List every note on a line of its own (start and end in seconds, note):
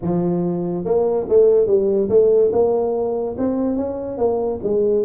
0.02 0.84 F3
0.84 1.26 A#3
1.28 1.66 A3
1.66 2.08 G3
2.09 2.51 A3
2.52 3.36 A#3
3.38 3.76 C4
3.76 4.17 C#4
4.17 4.59 A#3
4.63 5.05 G#3